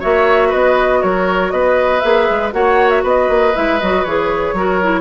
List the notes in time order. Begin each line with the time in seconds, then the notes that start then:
0.00 A#3 F#4 C#5 E5
0.49 B3 B4 D#5
1.02 F#3 A#4 C#5
1.51 B3 B4 D#5
2.00 A#3 G#4 E5
2.30 G#3
2.53 A#3 F#4 C#5 F#5
2.90 E5
3.03 B3 B4 D#5
3.29 A#3
3.55 G#3 E4 E5
3.81 F#3 F#4 D#5
4.04 E3 G#4 C#5
4.53 F#3 F#4 A#4
4.82 E4